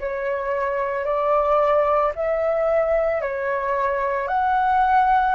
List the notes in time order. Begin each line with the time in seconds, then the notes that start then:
0.00 C#5
1.05 D5
2.15 E5
3.21 C#5
4.28 F#5